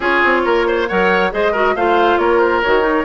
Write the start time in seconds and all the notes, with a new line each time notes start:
0.00 C#4 F4 G#4 C#5
0.23 C4
0.44 A#3 A#4
0.67 C5
0.87 F#3 A#4 C#5 F#5
1.31 G#3 G#4 C5 D#5
1.52 F#4 A#4
1.75 A3 F4 C5 F5
2.18 A#3 A#4 C#5
2.39 C5
2.62 D#3 F#4 C#5
2.81 D#4